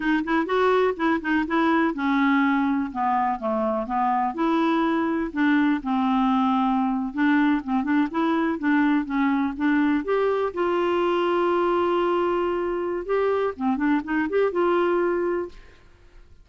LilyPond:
\new Staff \with { instrumentName = "clarinet" } { \time 4/4 \tempo 4 = 124 dis'8 e'8 fis'4 e'8 dis'8 e'4 | cis'2 b4 a4 | b4 e'2 d'4 | c'2~ c'8. d'4 c'16~ |
c'16 d'8 e'4 d'4 cis'4 d'16~ | d'8. g'4 f'2~ f'16~ | f'2. g'4 | c'8 d'8 dis'8 g'8 f'2 | }